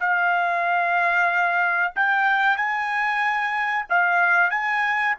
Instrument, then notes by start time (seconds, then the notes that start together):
trumpet
0.00 F5
1.96 G5
2.57 G#5
3.89 F5
4.51 G#5